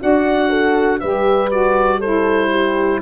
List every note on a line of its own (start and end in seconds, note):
0.00 1.03 D4
0.00 1.00 F#4
0.00 0.50 D5
0.00 1.00 F#5
0.50 1.00 A4
1.00 3.02 G3
1.00 1.51 G4
1.00 1.99 B4
1.00 1.50 E5
1.51 2.01 F#4
1.51 2.01 D5
1.99 3.02 E4
1.99 2.49 A4
1.99 3.01 C5
2.51 3.01 G4